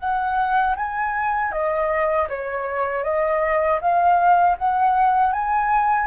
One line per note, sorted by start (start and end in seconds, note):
0.00 0.76 F#5
0.77 1.53 G#5
1.53 2.29 D#5
2.30 3.04 C#5
3.04 3.80 D#5
3.81 4.57 F5
4.58 5.33 F#5
5.33 6.07 G#5